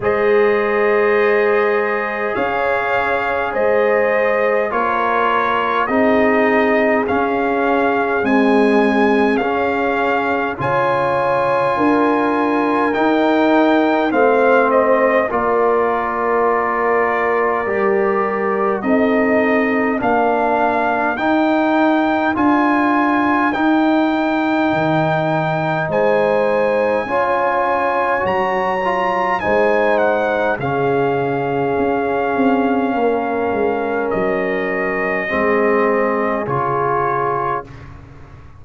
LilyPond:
<<
  \new Staff \with { instrumentName = "trumpet" } { \time 4/4 \tempo 4 = 51 dis''2 f''4 dis''4 | cis''4 dis''4 f''4 gis''4 | f''4 gis''2 g''4 | f''8 dis''8 d''2. |
dis''4 f''4 g''4 gis''4 | g''2 gis''2 | ais''4 gis''8 fis''8 f''2~ | f''4 dis''2 cis''4 | }
  \new Staff \with { instrumentName = "horn" } { \time 4/4 c''2 cis''4 c''4 | ais'4 gis'2.~ | gis'4 cis''4 ais'2 | c''4 ais'2. |
a'4 ais'2.~ | ais'2 c''4 cis''4~ | cis''4 c''4 gis'2 | ais'2 gis'2 | }
  \new Staff \with { instrumentName = "trombone" } { \time 4/4 gis'1 | f'4 dis'4 cis'4 gis4 | cis'4 f'2 dis'4 | c'4 f'2 g'4 |
dis'4 d'4 dis'4 f'4 | dis'2. f'4 | fis'8 f'8 dis'4 cis'2~ | cis'2 c'4 f'4 | }
  \new Staff \with { instrumentName = "tuba" } { \time 4/4 gis2 cis'4 gis4 | ais4 c'4 cis'4 c'4 | cis'4 cis4 d'4 dis'4 | a4 ais2 g4 |
c'4 ais4 dis'4 d'4 | dis'4 dis4 gis4 cis'4 | fis4 gis4 cis4 cis'8 c'8 | ais8 gis8 fis4 gis4 cis4 | }
>>